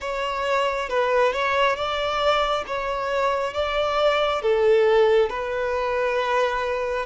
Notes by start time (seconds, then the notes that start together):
0.00 C#5
0.89 B4
1.32 C#5
1.76 D5
2.66 C#5
3.53 D5
4.42 A4
5.29 B4